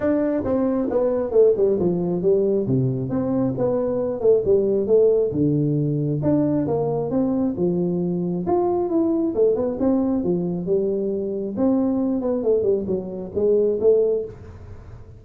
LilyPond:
\new Staff \with { instrumentName = "tuba" } { \time 4/4 \tempo 4 = 135 d'4 c'4 b4 a8 g8 | f4 g4 c4 c'4 | b4. a8 g4 a4 | d2 d'4 ais4 |
c'4 f2 f'4 | e'4 a8 b8 c'4 f4 | g2 c'4. b8 | a8 g8 fis4 gis4 a4 | }